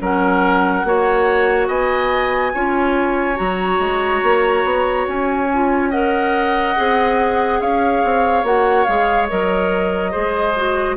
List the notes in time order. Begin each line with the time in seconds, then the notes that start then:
0.00 F#3 C#4 A#4 F#5
0.84 A#3 F#4 C#5
1.68 B3 D#5 G#5
2.54 C#4 F4 C#5
3.35 F#3 F#4 A#5
3.79 G#3
4.23 A#3
4.64 B3
5.07 C#4 G#5
5.53 F4
5.90 A#4 D#5 F#5
6.76 C4 G#4
7.60 C#4 C#5 F5
8.04 C4
8.43 A#3 F#4 F#5
8.84 G#3 G#4 F5
9.29 F#3 A#4 D#5
10.11 G#3 G#4 C5
10.56 F#4